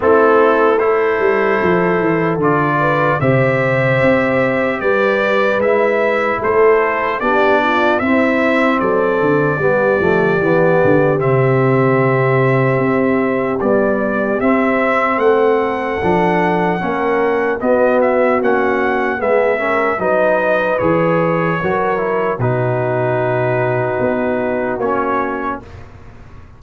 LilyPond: <<
  \new Staff \with { instrumentName = "trumpet" } { \time 4/4 \tempo 4 = 75 a'4 c''2 d''4 | e''2 d''4 e''4 | c''4 d''4 e''4 d''4~ | d''2 e''2~ |
e''4 d''4 e''4 fis''4~ | fis''2 dis''8 e''8 fis''4 | e''4 dis''4 cis''2 | b'2. cis''4 | }
  \new Staff \with { instrumentName = "horn" } { \time 4/4 e'4 a'2~ a'8 b'8 | c''2 b'2 | a'4 g'8 f'8 e'4 a'4 | g'1~ |
g'2. a'4~ | a'4 ais'4 fis'2 | gis'8 ais'8 b'2 ais'4 | fis'1 | }
  \new Staff \with { instrumentName = "trombone" } { \time 4/4 c'4 e'2 f'4 | g'2. e'4~ | e'4 d'4 c'2 | b8 a8 b4 c'2~ |
c'4 g4 c'2 | d'4 cis'4 b4 cis'4 | b8 cis'8 dis'4 gis'4 fis'8 e'8 | dis'2. cis'4 | }
  \new Staff \with { instrumentName = "tuba" } { \time 4/4 a4. g8 f8 e8 d4 | c4 c'4 g4 gis4 | a4 b4 c'4 fis8 d8 | g8 f8 e8 d8 c2 |
c'4 b4 c'4 a4 | f4 ais4 b4 ais4 | gis4 fis4 e4 fis4 | b,2 b4 ais4 | }
>>